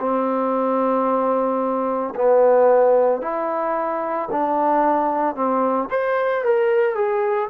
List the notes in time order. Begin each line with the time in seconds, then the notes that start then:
0.00 C4
2.16 B3
3.22 E4
4.32 D4
5.36 C4
5.91 C5
6.45 A#4
6.96 G#4